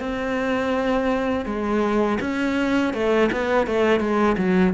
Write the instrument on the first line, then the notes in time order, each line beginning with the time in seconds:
cello
0.00 C4
1.46 G#3
2.20 C#4
2.93 A3
3.32 B3
3.67 A3
4.00 G#3
4.38 F#3